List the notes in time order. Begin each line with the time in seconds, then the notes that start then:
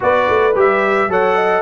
0.00 B3 F#4 B4 D5
0.29 A3
0.55 G3 G4 E5
1.07 F#3 A4 C#5 F#5
1.35 D#5